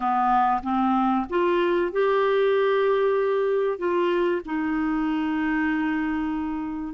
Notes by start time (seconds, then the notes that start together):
0.00 B3
0.63 C4
1.29 F4
1.92 G4
3.78 F4
4.45 D#4